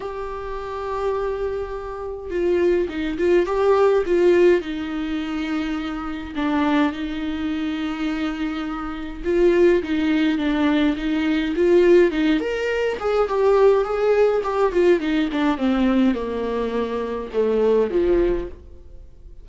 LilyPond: \new Staff \with { instrumentName = "viola" } { \time 4/4 \tempo 4 = 104 g'1 | f'4 dis'8 f'8 g'4 f'4 | dis'2. d'4 | dis'1 |
f'4 dis'4 d'4 dis'4 | f'4 dis'8 ais'4 gis'8 g'4 | gis'4 g'8 f'8 dis'8 d'8 c'4 | ais2 a4 f4 | }